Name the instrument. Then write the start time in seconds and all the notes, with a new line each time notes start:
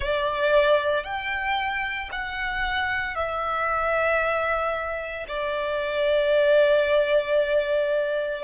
violin
0.00 D5
1.03 G5
2.11 F#5
3.15 E5
5.27 D5